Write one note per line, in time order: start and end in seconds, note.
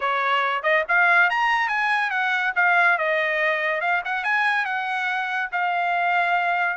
0.00 0.63 C#5
0.63 0.84 D#5
0.88 1.29 F5
1.29 1.68 A#5
1.68 2.10 G#5
2.10 2.52 F#5
2.55 2.98 F5
2.98 3.80 D#5
3.80 4.02 F5
4.04 4.23 F#5
4.23 4.65 G#5
4.65 5.49 F#5
5.52 6.77 F5